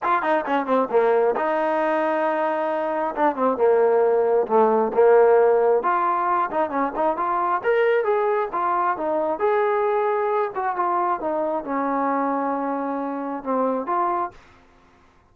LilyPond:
\new Staff \with { instrumentName = "trombone" } { \time 4/4 \tempo 4 = 134 f'8 dis'8 cis'8 c'8 ais4 dis'4~ | dis'2. d'8 c'8 | ais2 a4 ais4~ | ais4 f'4. dis'8 cis'8 dis'8 |
f'4 ais'4 gis'4 f'4 | dis'4 gis'2~ gis'8 fis'8 | f'4 dis'4 cis'2~ | cis'2 c'4 f'4 | }